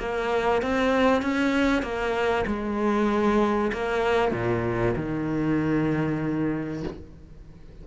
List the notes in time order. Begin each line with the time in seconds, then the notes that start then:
0.00 A#3
0.62 C4
1.23 C#4
1.83 A#3
2.47 G#3
3.73 A#3
4.32 A#2
4.97 D#3